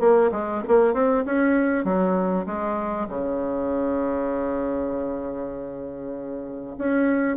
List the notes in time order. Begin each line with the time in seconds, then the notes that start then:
0.00 A#3
0.31 G#3
0.67 A#3
0.94 C4
1.25 C#4
1.84 F#3
2.46 G#3
3.09 C#3
6.78 C#4